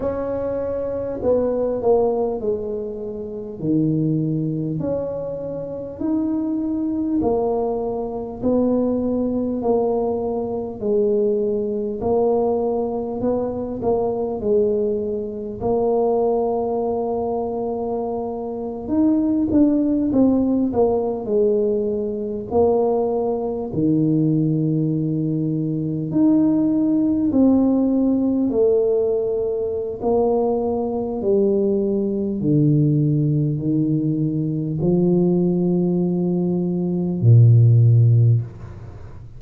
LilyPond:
\new Staff \with { instrumentName = "tuba" } { \time 4/4 \tempo 4 = 50 cis'4 b8 ais8 gis4 dis4 | cis'4 dis'4 ais4 b4 | ais4 gis4 ais4 b8 ais8 | gis4 ais2~ ais8. dis'16~ |
dis'16 d'8 c'8 ais8 gis4 ais4 dis16~ | dis4.~ dis16 dis'4 c'4 a16~ | a4 ais4 g4 d4 | dis4 f2 ais,4 | }